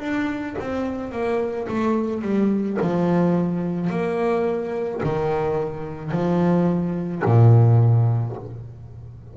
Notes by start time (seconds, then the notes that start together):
0.00 D4
0.60 C4
1.12 A#3
1.69 A3
2.22 G3
2.81 F3
3.90 A#3
5.04 D#3
6.12 F3
7.25 A#2